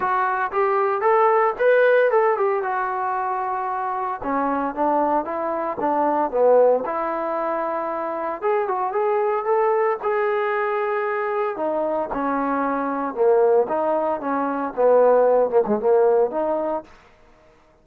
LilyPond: \new Staff \with { instrumentName = "trombone" } { \time 4/4 \tempo 4 = 114 fis'4 g'4 a'4 b'4 | a'8 g'8 fis'2. | cis'4 d'4 e'4 d'4 | b4 e'2. |
gis'8 fis'8 gis'4 a'4 gis'4~ | gis'2 dis'4 cis'4~ | cis'4 ais4 dis'4 cis'4 | b4. ais16 gis16 ais4 dis'4 | }